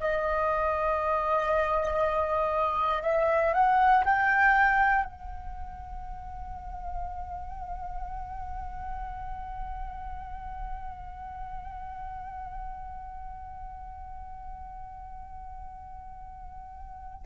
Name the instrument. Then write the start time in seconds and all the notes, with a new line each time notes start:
flute
0.00 D#5
3.03 E5
3.54 F#5
4.05 G5
5.05 F#5